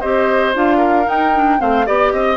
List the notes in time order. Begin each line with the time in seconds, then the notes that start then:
0.00 C4 G4 C5 D#5
0.54 D4 F4 F5
0.77 A#4
1.04 D#4 G5
1.35 D4
1.59 A3 C4 C5 F5
1.86 B3 G4 D5
2.11 C4 D#5